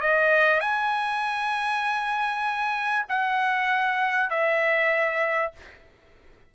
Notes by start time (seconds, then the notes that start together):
0.00 D#5
0.60 G#5
3.08 F#5
4.30 E5